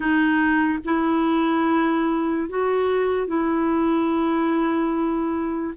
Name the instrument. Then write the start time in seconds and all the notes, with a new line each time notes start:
clarinet
0.00 D#4
0.84 E4
2.49 F#4
3.27 E4